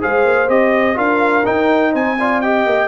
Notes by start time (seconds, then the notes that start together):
0.00 G#3 G#4 C5 F5
0.24 A#3
0.47 C4 G4 D#5
0.94 D4 F4 A#4 F5
1.45 D#4 G5
1.91 C4 C5 G#5
2.19 F4 D5
2.41 G4 D#5 G5
2.66 A#3